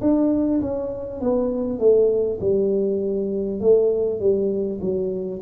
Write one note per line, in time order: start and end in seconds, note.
0.00 0.60 D4
0.61 1.21 C#4
1.21 1.79 B3
1.79 2.39 A3
2.40 3.60 G3
3.60 4.19 A3
4.19 4.79 G3
4.80 5.40 F#3